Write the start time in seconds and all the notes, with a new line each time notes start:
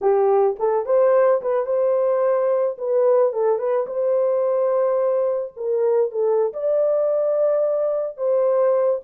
0.01 G4
0.59 A4
0.85 C5
1.41 B4
1.66 C5
2.78 B4
3.32 A4
3.58 B4
3.86 C5
5.56 A#4
6.11 A4
6.53 D5
8.17 C5